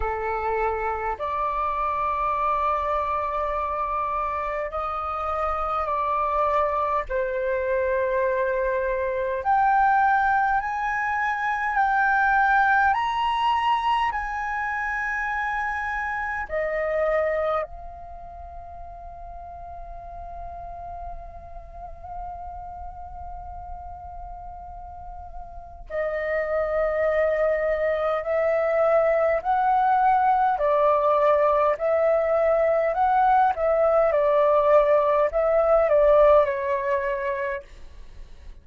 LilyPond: \new Staff \with { instrumentName = "flute" } { \time 4/4 \tempo 4 = 51 a'4 d''2. | dis''4 d''4 c''2 | g''4 gis''4 g''4 ais''4 | gis''2 dis''4 f''4~ |
f''1~ | f''2 dis''2 | e''4 fis''4 d''4 e''4 | fis''8 e''8 d''4 e''8 d''8 cis''4 | }